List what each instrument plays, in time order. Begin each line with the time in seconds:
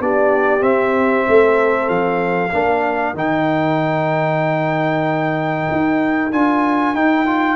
0.00 tuba B3, trombone D4, horn G4, trumpet D5
0.60 trombone C4, tuba C4, trumpet E5
1.28 tuba A3, horn A4
1.89 tuba F3, trumpet F5
2.53 tuba A#3, trombone D4, horn A#4
3.14 tuba D#3, trombone D#4, trumpet G5
5.71 tuba D#4
6.32 tuba D4, trombone F4, trumpet G#5
6.95 tuba D#4, trombone D#4, trumpet G5
7.26 trombone F4